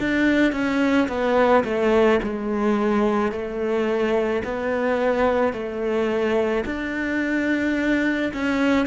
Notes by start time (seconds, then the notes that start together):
0.00 D4
0.53 C#4
1.09 B3
1.65 A3
2.24 G#3
3.32 A3
4.45 B3
5.54 A3
6.66 D4
8.34 C#4